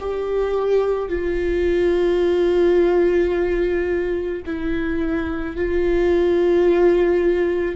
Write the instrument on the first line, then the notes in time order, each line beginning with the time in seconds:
viola
0.00 G4
1.10 F4
4.46 E4
5.57 F4